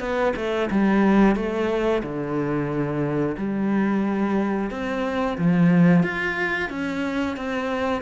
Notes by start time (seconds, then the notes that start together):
0.00 B3
0.36 A3
0.71 G3
1.36 A3
2.03 D3
3.38 G3
4.71 C4
5.38 F3
6.03 F4
6.70 C#4
7.37 C4